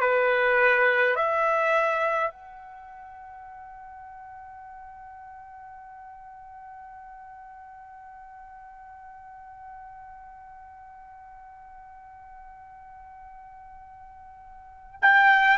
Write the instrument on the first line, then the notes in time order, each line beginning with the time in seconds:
trumpet
0.00 B4
1.15 E5
2.30 F#5
15.02 G5